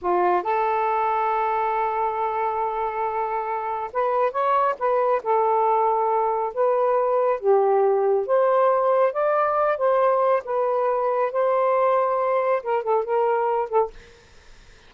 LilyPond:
\new Staff \with { instrumentName = "saxophone" } { \time 4/4 \tempo 4 = 138 f'4 a'2.~ | a'1~ | a'4 b'4 cis''4 b'4 | a'2. b'4~ |
b'4 g'2 c''4~ | c''4 d''4. c''4. | b'2 c''2~ | c''4 ais'8 a'8 ais'4. a'8 | }